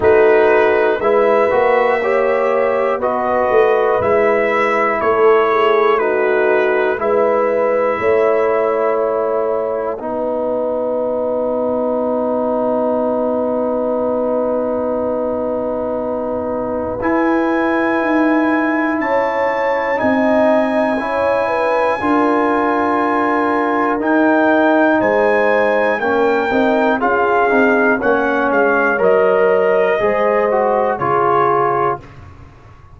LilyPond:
<<
  \new Staff \with { instrumentName = "trumpet" } { \time 4/4 \tempo 4 = 60 b'4 e''2 dis''4 | e''4 cis''4 b'4 e''4~ | e''4 fis''2.~ | fis''1~ |
fis''4 gis''2 a''4 | gis''1 | g''4 gis''4 g''4 f''4 | fis''8 f''8 dis''2 cis''4 | }
  \new Staff \with { instrumentName = "horn" } { \time 4/4 fis'4 b'4 cis''4 b'4~ | b'4 a'8 gis'8 fis'4 b'4 | cis''2 b'2~ | b'1~ |
b'2. cis''4 | dis''4 cis''8 b'8 ais'2~ | ais'4 c''4 ais'4 gis'4 | cis''2 c''4 gis'4 | }
  \new Staff \with { instrumentName = "trombone" } { \time 4/4 dis'4 e'8 fis'8 g'4 fis'4 | e'2 dis'4 e'4~ | e'2 dis'2~ | dis'1~ |
dis'4 e'2. | dis'4 e'4 f'2 | dis'2 cis'8 dis'8 f'8 dis'8 | cis'4 ais'4 gis'8 fis'8 f'4 | }
  \new Staff \with { instrumentName = "tuba" } { \time 4/4 a4 gis8 ais4. b8 a8 | gis4 a2 gis4 | a2 b2~ | b1~ |
b4 e'4 dis'4 cis'4 | c'4 cis'4 d'2 | dis'4 gis4 ais8 c'8 cis'8 c'8 | ais8 gis8 fis4 gis4 cis4 | }
>>